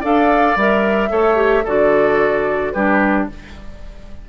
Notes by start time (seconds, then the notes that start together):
0.00 D4 A4 D5 F5
0.56 G3 A#4 E5
1.09 A3 A4 C#5
1.35 G4
1.64 D3 F#4 A4 D5
2.72 G3 D4 G4 B4